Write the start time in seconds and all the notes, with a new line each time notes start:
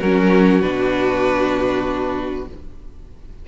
0.00 F#3 C#4 F#4 A#4
0.61 B2 D4 B4